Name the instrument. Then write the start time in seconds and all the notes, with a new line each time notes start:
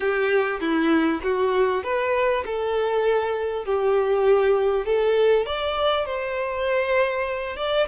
violin
0.00 G4
0.60 E4
1.23 F#4
1.83 B4
2.45 A4
3.65 G4
4.85 A4
5.45 D5
6.05 C5
7.56 D5